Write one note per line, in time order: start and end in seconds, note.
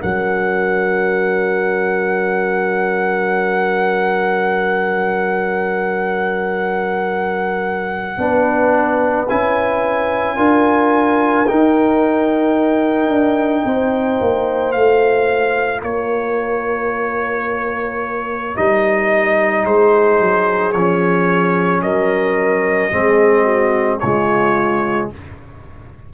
0.00 8.17 F#3
0.00 8.18 C#4
0.00 8.18 A#4
0.00 9.29 F#5
8.17 9.27 B3
8.17 9.27 D4
8.17 10.37 B4
9.29 10.37 C#4
9.29 10.37 E4
9.29 11.47 G#5
10.37 11.47 D4
10.37 11.46 F4
10.37 13.64 A#4
11.47 14.75 D#4
11.47 13.09 D#4
11.47 14.72 G5
13.09 13.63 D4
13.65 14.20 C4
13.65 15.83 C5
14.20 14.75 A#3
14.72 15.82 A3
14.72 18.55 F4
14.72 15.81 F5
15.82 18.55 A#3
15.82 19.65 A#4
15.82 18.56 C#5
18.55 19.65 G3
18.55 20.73 D#4
18.55 19.65 D#5
19.65 20.20 G#3
19.65 21.83 G#4
19.65 20.72 C5
20.20 20.74 F#3
20.72 21.83 F3
20.72 22.91 C#4
20.72 21.81 C#5
21.82 22.92 F#3
21.82 22.92 A#4
21.82 23.99 D#5
22.91 24.01 G#3
22.91 24.00 C4
22.91 23.43 G#4
23.43 23.98 F#4
23.99 25.12 C#3
23.99 25.13 G#3
23.99 25.11 F4
23.99 25.08 C#5